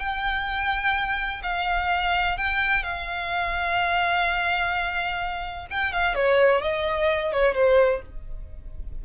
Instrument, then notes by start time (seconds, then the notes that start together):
violin
0.00 G5
1.43 F5
2.38 G5
2.83 F5
5.71 G5
5.93 F5
6.15 C#5
6.62 D#5
7.32 C#5
7.55 C5